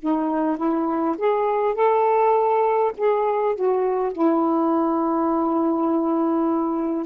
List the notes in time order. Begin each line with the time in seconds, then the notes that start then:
0.00 D#4
0.57 E4
1.18 G#4
1.74 A4
2.97 G#4
3.55 F#4
4.12 E4